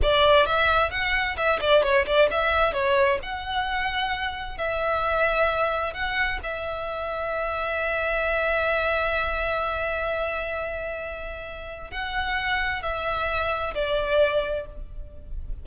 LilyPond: \new Staff \with { instrumentName = "violin" } { \time 4/4 \tempo 4 = 131 d''4 e''4 fis''4 e''8 d''8 | cis''8 d''8 e''4 cis''4 fis''4~ | fis''2 e''2~ | e''4 fis''4 e''2~ |
e''1~ | e''1~ | e''2 fis''2 | e''2 d''2 | }